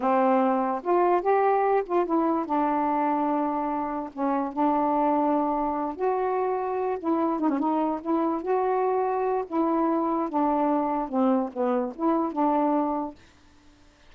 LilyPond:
\new Staff \with { instrumentName = "saxophone" } { \time 4/4 \tempo 4 = 146 c'2 f'4 g'4~ | g'8 f'8 e'4 d'2~ | d'2 cis'4 d'4~ | d'2~ d'8 fis'4.~ |
fis'4 e'4 dis'16 cis'16 dis'4 e'8~ | e'8 fis'2~ fis'8 e'4~ | e'4 d'2 c'4 | b4 e'4 d'2 | }